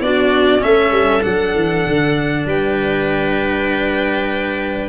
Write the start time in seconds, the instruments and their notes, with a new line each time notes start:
0.00 tuba B3, cello D4, viola F#4, violin D5
0.59 tuba A3, cello C#4, viola A4, violin E5
0.91 tuba G3
1.22 tuba F#3, cello D4, violin F#5
1.55 tuba E3
1.87 tuba D3
2.45 tuba G3, viola B4, violin G5